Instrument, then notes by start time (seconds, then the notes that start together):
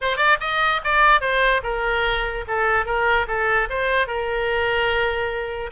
oboe
0.01 C5
0.17 D5
0.40 D#5
0.84 D5
1.21 C5
1.63 A#4
2.47 A4
2.85 A#4
3.27 A4
3.69 C5
4.07 A#4